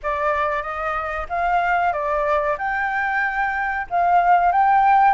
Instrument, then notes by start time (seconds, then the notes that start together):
flute
0.03 D5
0.62 D#5
1.29 F5
1.92 D5
2.58 G5
3.90 F5
4.52 G5